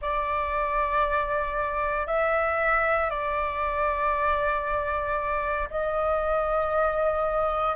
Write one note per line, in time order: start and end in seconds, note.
0.01 2.06 D5
2.06 3.10 E5
3.10 5.68 D5
5.70 7.75 D#5